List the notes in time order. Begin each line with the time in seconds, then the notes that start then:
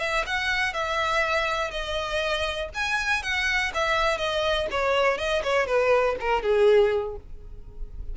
0.00 E5
0.27 F#5
0.74 E5
1.71 D#5
2.74 G#5
3.23 F#5
3.74 E5
4.18 D#5
4.71 C#5
5.18 D#5
5.43 C#5
5.67 B4
6.20 A#4
6.43 G#4